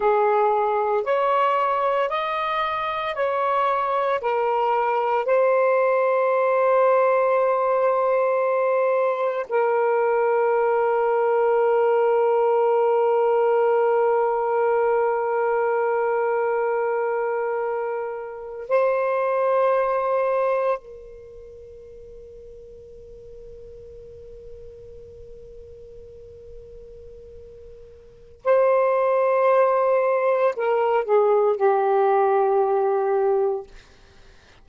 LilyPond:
\new Staff \with { instrumentName = "saxophone" } { \time 4/4 \tempo 4 = 57 gis'4 cis''4 dis''4 cis''4 | ais'4 c''2.~ | c''4 ais'2.~ | ais'1~ |
ais'4.~ ais'16 c''2 ais'16~ | ais'1~ | ais'2. c''4~ | c''4 ais'8 gis'8 g'2 | }